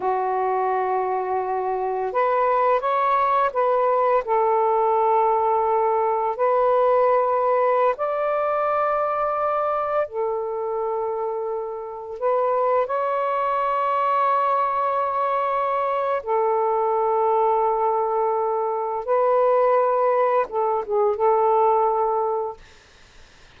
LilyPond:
\new Staff \with { instrumentName = "saxophone" } { \time 4/4 \tempo 4 = 85 fis'2. b'4 | cis''4 b'4 a'2~ | a'4 b'2~ b'16 d''8.~ | d''2~ d''16 a'4.~ a'16~ |
a'4~ a'16 b'4 cis''4.~ cis''16~ | cis''2. a'4~ | a'2. b'4~ | b'4 a'8 gis'8 a'2 | }